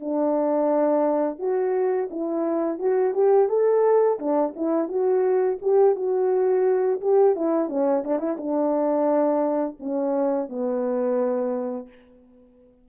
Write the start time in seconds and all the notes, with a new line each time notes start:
0.00 D4
1.39 F#4
2.10 E4
2.79 F#4
3.14 G4
3.49 A4
4.19 D4
4.56 E4
4.88 F#4
5.61 G4
5.96 F#4
7.01 G4
7.35 E4
7.68 C#4
8.04 D4
8.18 E4
8.37 D4
9.79 C#4
10.49 B3